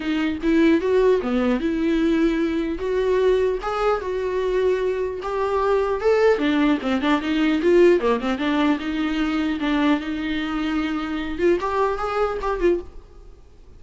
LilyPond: \new Staff \with { instrumentName = "viola" } { \time 4/4 \tempo 4 = 150 dis'4 e'4 fis'4 b4 | e'2. fis'4~ | fis'4 gis'4 fis'2~ | fis'4 g'2 a'4 |
d'4 c'8 d'8 dis'4 f'4 | ais8 c'8 d'4 dis'2 | d'4 dis'2.~ | dis'8 f'8 g'4 gis'4 g'8 f'8 | }